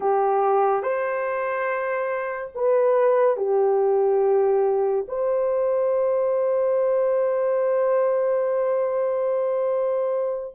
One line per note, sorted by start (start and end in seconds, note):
0.00 0.82 G4
0.82 2.51 C5
2.54 3.36 B4
3.36 5.05 G4
5.07 10.54 C5